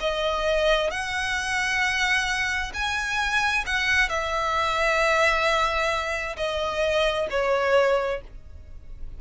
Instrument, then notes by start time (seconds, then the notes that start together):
violin
0.00 D#5
0.90 F#5
2.74 G#5
3.66 F#5
4.09 E5
6.36 D#5
7.30 C#5